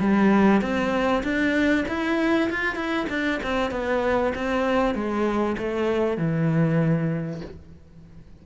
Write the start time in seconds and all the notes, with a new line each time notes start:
0.00 G3
0.61 C4
1.23 D4
1.88 E4
2.50 F4
2.76 E4
3.09 D4
3.43 C4
3.71 B3
4.35 C4
4.95 G#3
5.58 A3
6.17 E3